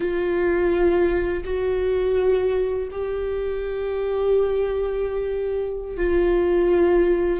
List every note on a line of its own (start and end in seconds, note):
0.00 1.43 F4
1.44 2.88 F#4
2.91 5.96 G4
5.96 7.40 F4